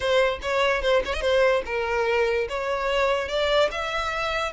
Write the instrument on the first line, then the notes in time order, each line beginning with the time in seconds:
violin
0.00 C5
0.42 C#5
0.81 C5
1.05 C#5
1.13 D#5
1.21 C5
1.65 A#4
2.48 C#5
3.28 D5
3.71 E5